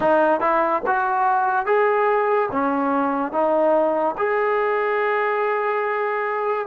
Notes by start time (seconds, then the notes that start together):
0.00 D#4
0.40 E4
0.86 F#4
1.66 G#4
2.51 C#4
3.31 D#4
4.17 G#4